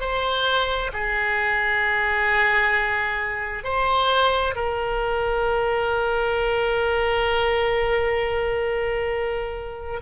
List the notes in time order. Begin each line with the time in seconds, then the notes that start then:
0.00 C5
0.93 G#4
3.63 C5
4.55 A#4